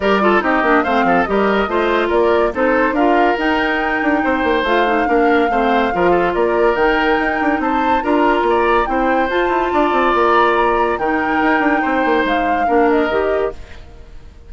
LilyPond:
<<
  \new Staff \with { instrumentName = "flute" } { \time 4/4 \tempo 4 = 142 d''4 dis''4 f''4 dis''4~ | dis''4 d''4 c''4 f''4 | g''2. f''4~ | f''2. d''4 |
g''2 a''4 ais''4~ | ais''4 g''4 a''2 | ais''2 g''2~ | g''4 f''4. dis''4. | }
  \new Staff \with { instrumentName = "oboe" } { \time 4/4 ais'8 a'8 g'4 c''8 a'8 ais'4 | c''4 ais'4 a'4 ais'4~ | ais'2 c''2 | ais'4 c''4 ais'8 a'8 ais'4~ |
ais'2 c''4 ais'4 | d''4 c''2 d''4~ | d''2 ais'2 | c''2 ais'2 | }
  \new Staff \with { instrumentName = "clarinet" } { \time 4/4 g'8 f'8 dis'8 d'8 c'4 g'4 | f'2 dis'4 f'4 | dis'2. f'8 dis'8 | d'4 c'4 f'2 |
dis'2. f'4~ | f'4 e'4 f'2~ | f'2 dis'2~ | dis'2 d'4 g'4 | }
  \new Staff \with { instrumentName = "bassoon" } { \time 4/4 g4 c'8 ais8 a8 f8 g4 | a4 ais4 c'4 d'4 | dis'4. d'8 c'8 ais8 a4 | ais4 a4 f4 ais4 |
dis4 dis'8 d'8 c'4 d'4 | ais4 c'4 f'8 e'8 d'8 c'8 | ais2 dis4 dis'8 d'8 | c'8 ais8 gis4 ais4 dis4 | }
>>